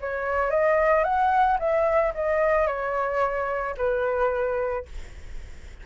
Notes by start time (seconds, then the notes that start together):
0.00 C#5
0.50 D#5
1.04 F#5
1.59 E5
2.14 D#5
2.67 C#5
3.77 B4